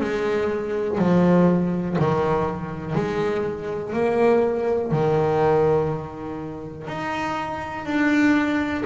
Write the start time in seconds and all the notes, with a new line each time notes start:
0.00 G#3
0.98 F3
1.98 D#3
2.95 G#3
3.93 A#3
4.91 D#3
6.87 D#4
7.85 D4